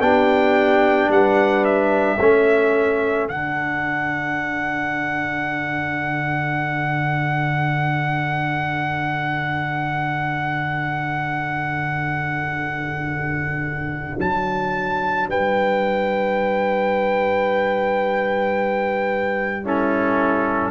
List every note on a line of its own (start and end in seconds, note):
0.00 1.08 B3
0.00 2.18 D4
0.00 1.10 G4
0.00 1.10 G5
1.08 2.17 G3
1.08 2.18 B4
1.08 1.64 F#5
1.64 3.28 E5
2.18 3.28 A3
2.18 3.29 C#4
2.18 15.27 A4
3.28 14.18 D3
3.28 19.64 D4
3.28 14.19 F#5
14.18 15.27 F#3
14.18 15.29 A5
15.27 20.71 G3
15.27 19.64 B4
15.27 19.66 G5
19.64 20.71 C#4
19.64 20.71 E4
19.64 20.71 A4